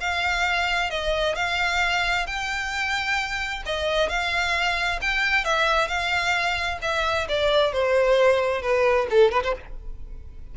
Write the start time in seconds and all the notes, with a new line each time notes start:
0.00 F5
0.90 D#5
1.35 F5
2.26 G5
3.66 D#5
4.09 F5
5.01 G5
5.44 E5
5.88 F5
6.82 E5
7.28 D5
7.72 C5
8.62 B4
9.10 A4
9.31 B4
9.43 C5